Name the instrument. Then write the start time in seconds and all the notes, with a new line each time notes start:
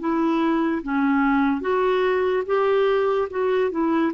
clarinet
0.00 E4
0.83 C#4
1.61 F#4
2.46 G4
3.30 F#4
3.71 E4